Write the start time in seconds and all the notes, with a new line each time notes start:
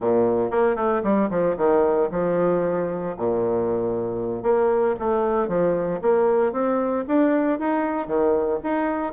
0.00 A#2
0.50 A#3
0.75 A3
1.03 G3
1.29 F3
1.57 D#3
2.11 F3
3.17 A#2
4.43 A#3
4.99 A3
5.48 F3
6.01 A#3
6.52 C4
7.07 D4
7.59 D#4
8.07 D#3
8.63 D#4